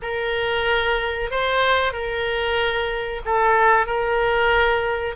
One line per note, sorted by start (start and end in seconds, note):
0.01 1.30 A#4
1.30 1.92 C5
1.92 3.21 A#4
3.25 3.86 A4
3.86 5.15 A#4